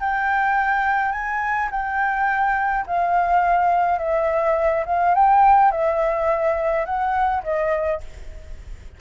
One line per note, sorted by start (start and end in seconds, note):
0.00 1.11 G5
1.11 1.69 G#5
1.71 2.85 G5
2.86 3.98 F5
3.98 4.84 E5
4.86 5.14 F5
5.14 5.71 G5
5.71 6.85 E5
6.85 7.42 F#5
7.43 8.01 D#5